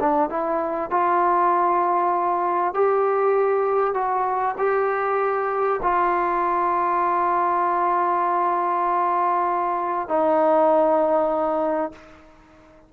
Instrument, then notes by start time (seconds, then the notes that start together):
trombone
0.00 D4
0.30 E4
0.90 F4
2.74 G4
3.94 F#4
4.58 G4
5.82 F4
10.08 D#4